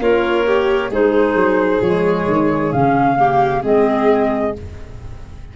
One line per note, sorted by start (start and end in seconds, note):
0.00 0.91 A#3
0.00 0.47 F4
0.00 0.91 A#4
0.00 0.92 C#5
0.47 0.91 G4
0.91 1.36 G#3
0.91 1.83 D#4
0.91 3.18 G#4
0.91 1.83 C5
1.36 1.81 F#3
1.82 2.27 F3
1.82 2.73 G#3
1.82 2.73 C#5
2.27 2.73 D#3
2.73 3.64 C#3
2.73 3.17 C#4
2.73 3.64 F5
3.17 3.62 A#3
3.17 3.63 G4
3.63 4.55 G#3
3.63 4.54 C4
3.63 4.54 G#4
3.63 4.56 D#5